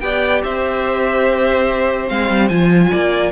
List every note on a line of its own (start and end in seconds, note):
0.00 0.43 B3
0.00 2.08 G4
0.00 0.44 D5
0.00 0.41 G5
0.43 2.10 C4
0.43 2.91 C5
0.43 2.08 E5
2.08 2.30 G#3
2.08 2.49 C4
2.08 2.49 F5
2.30 2.50 G3
2.49 2.91 F3
2.49 3.32 F4
2.49 3.31 G#5
2.91 3.32 A#3
2.91 3.32 D5